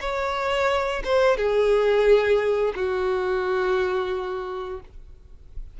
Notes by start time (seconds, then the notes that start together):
0.00 C#5
1.04 C5
1.37 G#4
2.75 F#4